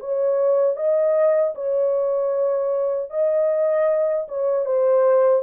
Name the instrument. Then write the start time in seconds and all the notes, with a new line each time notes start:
horn
0.00 C#5
0.77 D#5
1.55 C#5
3.11 D#5
4.29 C#5
4.66 C5